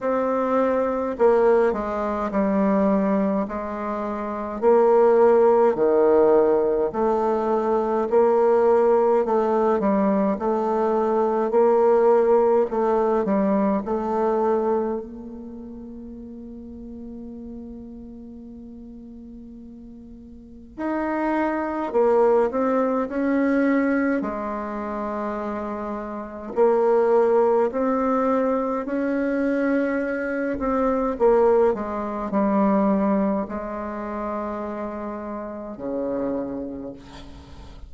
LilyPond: \new Staff \with { instrumentName = "bassoon" } { \time 4/4 \tempo 4 = 52 c'4 ais8 gis8 g4 gis4 | ais4 dis4 a4 ais4 | a8 g8 a4 ais4 a8 g8 | a4 ais2.~ |
ais2 dis'4 ais8 c'8 | cis'4 gis2 ais4 | c'4 cis'4. c'8 ais8 gis8 | g4 gis2 cis4 | }